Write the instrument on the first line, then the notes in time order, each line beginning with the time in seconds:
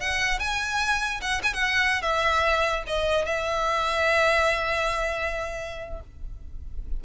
violin
0.00 F#5
0.40 G#5
1.21 F#5
1.44 G#5
1.54 F#5
2.02 E5
2.87 D#5
3.25 E5